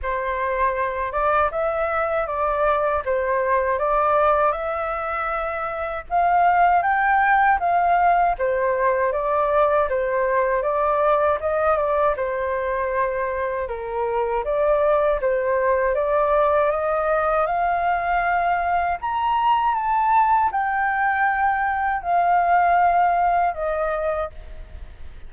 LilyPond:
\new Staff \with { instrumentName = "flute" } { \time 4/4 \tempo 4 = 79 c''4. d''8 e''4 d''4 | c''4 d''4 e''2 | f''4 g''4 f''4 c''4 | d''4 c''4 d''4 dis''8 d''8 |
c''2 ais'4 d''4 | c''4 d''4 dis''4 f''4~ | f''4 ais''4 a''4 g''4~ | g''4 f''2 dis''4 | }